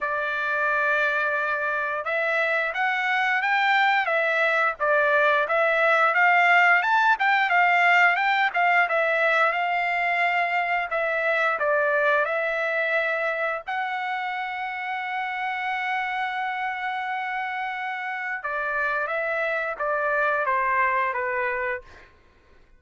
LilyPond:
\new Staff \with { instrumentName = "trumpet" } { \time 4/4 \tempo 4 = 88 d''2. e''4 | fis''4 g''4 e''4 d''4 | e''4 f''4 a''8 g''8 f''4 | g''8 f''8 e''4 f''2 |
e''4 d''4 e''2 | fis''1~ | fis''2. d''4 | e''4 d''4 c''4 b'4 | }